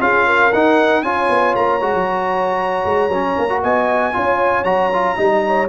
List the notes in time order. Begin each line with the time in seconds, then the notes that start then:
0.00 C#4 F4 G#4 F5
0.26 A#4
0.52 D#4 F#5
1.02 C#4 F4 C#5 G#5
1.29 B3
1.55 A#3 A#5
1.81 G#3 F#4
1.94 F#3
2.84 G#3
3.08 F#3 C#4
3.38 A#3
3.49 F#4
3.62 B3 D#5 G#5
4.12 C#4 F4 C#5
4.64 F#3 F#4 A#5
4.93 F4
5.16 G3 D#4 D#5
5.46 C#5